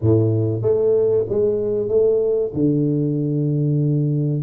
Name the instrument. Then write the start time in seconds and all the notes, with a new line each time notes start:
tuba
0.01 A2
0.62 A3
1.29 G#3
1.88 A3
2.53 D3